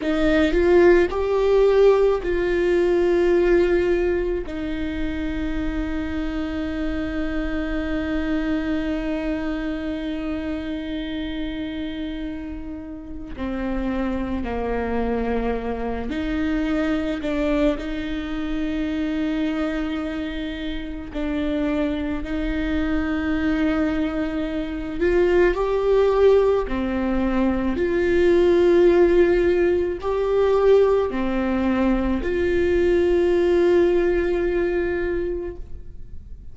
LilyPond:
\new Staff \with { instrumentName = "viola" } { \time 4/4 \tempo 4 = 54 dis'8 f'8 g'4 f'2 | dis'1~ | dis'1 | c'4 ais4. dis'4 d'8 |
dis'2. d'4 | dis'2~ dis'8 f'8 g'4 | c'4 f'2 g'4 | c'4 f'2. | }